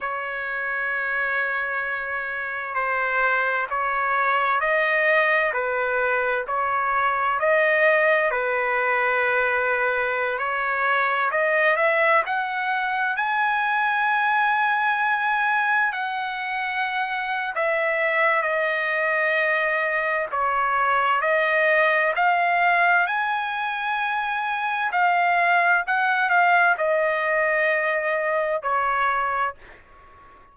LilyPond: \new Staff \with { instrumentName = "trumpet" } { \time 4/4 \tempo 4 = 65 cis''2. c''4 | cis''4 dis''4 b'4 cis''4 | dis''4 b'2~ b'16 cis''8.~ | cis''16 dis''8 e''8 fis''4 gis''4.~ gis''16~ |
gis''4~ gis''16 fis''4.~ fis''16 e''4 | dis''2 cis''4 dis''4 | f''4 gis''2 f''4 | fis''8 f''8 dis''2 cis''4 | }